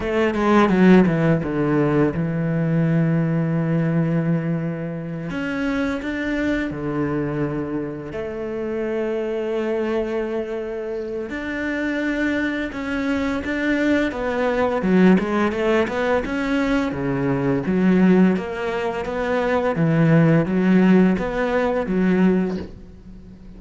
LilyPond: \new Staff \with { instrumentName = "cello" } { \time 4/4 \tempo 4 = 85 a8 gis8 fis8 e8 d4 e4~ | e2.~ e8 cis'8~ | cis'8 d'4 d2 a8~ | a1 |
d'2 cis'4 d'4 | b4 fis8 gis8 a8 b8 cis'4 | cis4 fis4 ais4 b4 | e4 fis4 b4 fis4 | }